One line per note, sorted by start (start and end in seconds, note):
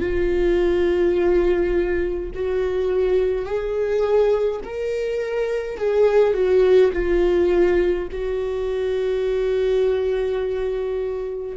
0.00 2.31 F4
2.35 3.46 F#4
3.46 4.61 G#4
4.64 5.77 A#4
5.77 6.34 G#4
6.34 6.92 F#4
6.93 8.08 F4
8.12 11.57 F#4